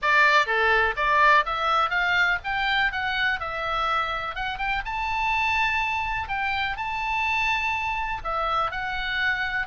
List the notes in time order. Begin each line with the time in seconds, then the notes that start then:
0.02 D5
0.46 A4
0.96 D5
1.45 E5
1.90 F5
2.44 G5
2.92 F#5
3.40 E5
4.35 F#5
4.58 G5
4.85 A5
6.28 G5
6.76 A5
8.24 E5
8.71 F#5